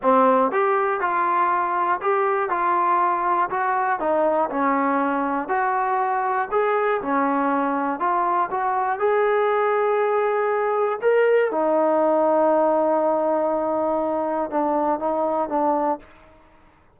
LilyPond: \new Staff \with { instrumentName = "trombone" } { \time 4/4 \tempo 4 = 120 c'4 g'4 f'2 | g'4 f'2 fis'4 | dis'4 cis'2 fis'4~ | fis'4 gis'4 cis'2 |
f'4 fis'4 gis'2~ | gis'2 ais'4 dis'4~ | dis'1~ | dis'4 d'4 dis'4 d'4 | }